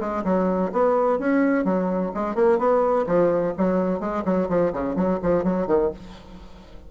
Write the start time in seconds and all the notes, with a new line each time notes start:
0.00 G#3
0.24 F#3
0.72 B3
1.19 C#4
1.64 F#3
2.14 G#3
2.35 A#3
2.59 B3
3.06 F3
3.57 F#3
4.00 G#3
4.25 F#3
4.49 F3
4.73 C#3
4.95 F#3
5.22 F3
5.44 F#3
5.67 D#3